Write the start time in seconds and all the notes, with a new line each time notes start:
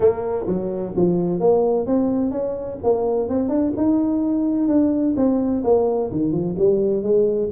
0.00 A#3
0.46 F#3
0.96 F3
1.39 A#3
1.86 C4
2.31 C#4
2.83 A#3
3.28 C4
3.48 D4
3.76 D#4
4.67 D4
5.16 C4
5.64 A#3
6.11 D#3
6.32 F3
6.58 G3
7.02 G#3